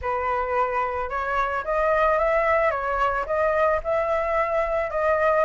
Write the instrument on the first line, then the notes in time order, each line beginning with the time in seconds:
flute
0.01 B4
1.09 C#5
1.64 D#5
2.18 E5
2.70 C#5
3.26 D#5
3.83 E5
4.90 D#5